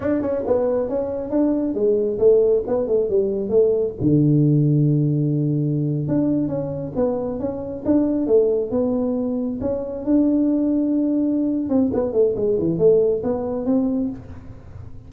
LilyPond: \new Staff \with { instrumentName = "tuba" } { \time 4/4 \tempo 4 = 136 d'8 cis'8 b4 cis'4 d'4 | gis4 a4 b8 a8 g4 | a4 d2.~ | d4.~ d16 d'4 cis'4 b16~ |
b8. cis'4 d'4 a4 b16~ | b4.~ b16 cis'4 d'4~ d'16~ | d'2~ d'8 c'8 b8 a8 | gis8 e8 a4 b4 c'4 | }